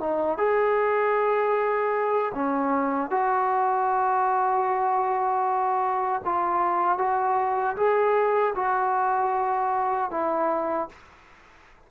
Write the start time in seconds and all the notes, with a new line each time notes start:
0.00 D#4
0.38 G#4
2.34 C#4
3.10 F#4
6.24 F4
6.98 F#4
7.76 G#4
8.55 F#4
10.11 E4